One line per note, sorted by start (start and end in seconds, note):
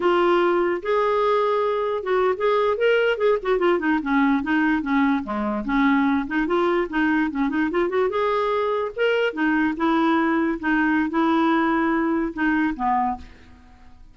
0.00 0.81 F4
0.82 2.03 G#4
2.03 2.34 F#4
2.37 2.77 G#4
2.77 3.17 A#4
3.17 3.38 G#4
3.42 3.58 F#4
3.58 3.79 F4
3.79 3.99 D#4
4.02 4.42 C#4
4.42 4.82 D#4
4.82 5.23 C#4
5.23 5.64 G#3
5.64 6.26 C#4
6.27 6.46 D#4
6.46 6.87 F4
6.89 7.30 D#4
7.31 7.49 C#4
7.49 7.70 D#4
7.71 7.89 F4
7.89 8.09 F#4
8.09 8.91 G#4
8.96 9.33 A#4
9.33 9.74 D#4
9.76 10.59 E4
10.59 11.09 D#4
11.09 12.33 E4
12.33 12.74 D#4
12.76 13.17 B3